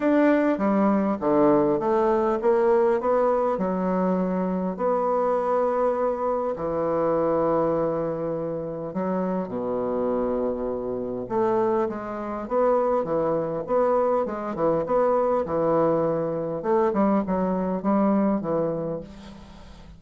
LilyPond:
\new Staff \with { instrumentName = "bassoon" } { \time 4/4 \tempo 4 = 101 d'4 g4 d4 a4 | ais4 b4 fis2 | b2. e4~ | e2. fis4 |
b,2. a4 | gis4 b4 e4 b4 | gis8 e8 b4 e2 | a8 g8 fis4 g4 e4 | }